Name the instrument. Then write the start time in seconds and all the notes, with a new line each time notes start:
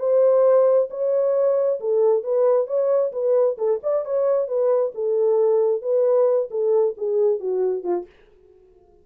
horn
0.00 C5
0.91 C#5
1.81 A4
2.24 B4
2.67 C#5
3.13 B4
3.58 A4
3.84 D5
4.05 C#5
4.48 B4
4.95 A4
5.82 B4
6.51 A4
6.98 G#4
7.40 F#4
7.84 F4